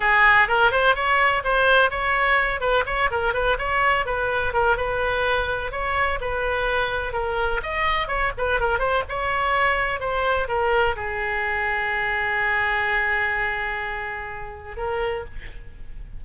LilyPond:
\new Staff \with { instrumentName = "oboe" } { \time 4/4 \tempo 4 = 126 gis'4 ais'8 c''8 cis''4 c''4 | cis''4. b'8 cis''8 ais'8 b'8 cis''8~ | cis''8 b'4 ais'8 b'2 | cis''4 b'2 ais'4 |
dis''4 cis''8 b'8 ais'8 c''8 cis''4~ | cis''4 c''4 ais'4 gis'4~ | gis'1~ | gis'2. ais'4 | }